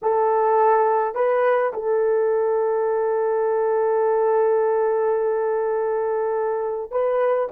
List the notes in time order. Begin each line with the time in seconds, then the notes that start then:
0.02 A4
1.14 B4
1.73 A4
6.91 B4